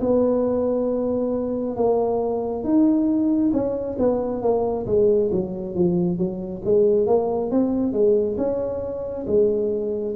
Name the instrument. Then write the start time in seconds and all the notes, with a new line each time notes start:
tuba
0.00 B3
1.76 A#3
2.64 D#4
3.53 C#4
3.98 B3
4.42 A#3
4.86 G#3
5.31 F#3
5.75 F3
6.18 F#3
6.64 G#3
7.07 A#3
7.51 C4
7.93 G#3
8.37 C#4
9.26 G#3